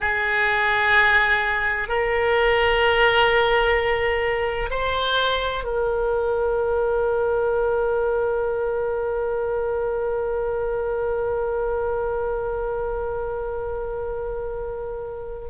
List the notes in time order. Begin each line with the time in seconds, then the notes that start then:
0.00 G#4
1.88 A#4
4.70 C5
5.64 A#4